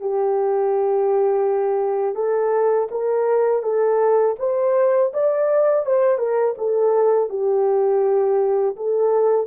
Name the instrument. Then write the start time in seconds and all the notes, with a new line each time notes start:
horn
0.00 G4
2.15 A4
2.91 A#4
3.62 A4
4.39 C5
5.13 D5
5.85 C5
6.18 A#4
6.57 A4
7.29 G4
8.76 A4